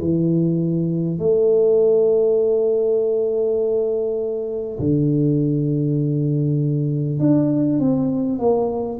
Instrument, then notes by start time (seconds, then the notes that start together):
tuba
0.00 E3
1.19 A3
4.79 D3
7.19 D4
7.79 C4
8.39 A#3